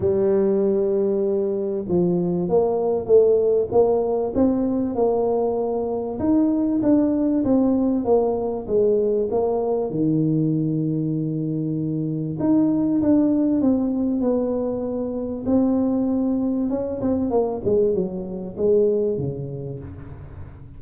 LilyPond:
\new Staff \with { instrumentName = "tuba" } { \time 4/4 \tempo 4 = 97 g2. f4 | ais4 a4 ais4 c'4 | ais2 dis'4 d'4 | c'4 ais4 gis4 ais4 |
dis1 | dis'4 d'4 c'4 b4~ | b4 c'2 cis'8 c'8 | ais8 gis8 fis4 gis4 cis4 | }